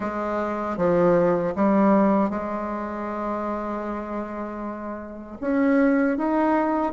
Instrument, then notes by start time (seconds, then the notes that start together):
bassoon
0.00 G#3
0.77 F3
1.55 G3
2.29 G#3
5.41 C#4
6.17 D#4